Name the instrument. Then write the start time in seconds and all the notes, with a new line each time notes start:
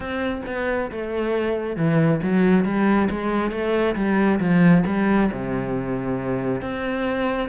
cello
0.00 C4
0.46 B3
0.91 A3
1.76 E3
2.23 F#3
2.64 G3
3.10 G#3
3.51 A3
3.95 G3
4.40 F3
4.86 G3
5.32 C3
6.61 C4